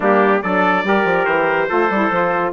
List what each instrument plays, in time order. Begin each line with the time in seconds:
0.00 bassoon G3, saxophone A#3, trumpet D4 G4
0.42 bassoon F#3, saxophone D4, trumpet A4 D5
0.84 bassoon G3, saxophone G4, trumpet A#4
1.04 bassoon F3
1.24 bassoon E3, trumpet C5
1.68 bassoon A3, saxophone F4, trumpet A4
1.89 bassoon G3, saxophone E4
2.09 bassoon F3, saxophone F4